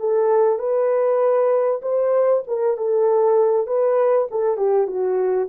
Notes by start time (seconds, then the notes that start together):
0.00 A4
0.59 B4
1.82 C5
2.47 A#4
2.77 A4
3.67 B4
4.31 A4
4.58 G4
4.88 F#4